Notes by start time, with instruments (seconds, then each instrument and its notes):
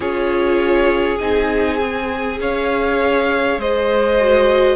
0.00 cello C#4, viola F4, violin G#4 C#5
1.18 cello C4, viola D#4, violin G#5
1.78 viola G#4
2.40 cello C#4, violin C#5 F5
3.58 cello G#3, violin C5 D#5
4.20 viola F#4